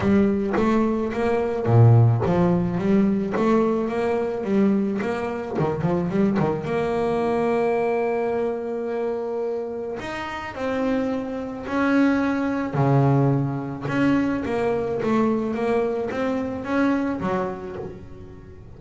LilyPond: \new Staff \with { instrumentName = "double bass" } { \time 4/4 \tempo 4 = 108 g4 a4 ais4 ais,4 | f4 g4 a4 ais4 | g4 ais4 dis8 f8 g8 dis8 | ais1~ |
ais2 dis'4 c'4~ | c'4 cis'2 cis4~ | cis4 cis'4 ais4 a4 | ais4 c'4 cis'4 fis4 | }